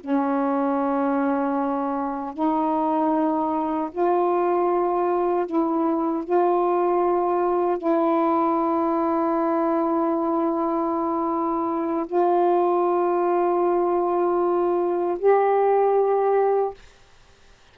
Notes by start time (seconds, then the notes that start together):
0.00 C#4
2.34 D#4
3.91 F4
5.46 E4
6.24 F4
7.77 E4
12.06 F4
15.18 G4